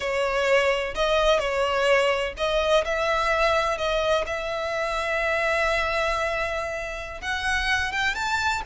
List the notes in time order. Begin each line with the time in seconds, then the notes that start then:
0.00 C#5
0.94 D#5
1.39 C#5
2.37 D#5
2.84 E5
3.77 D#5
4.26 E5
7.21 F#5
7.91 G5
8.14 A5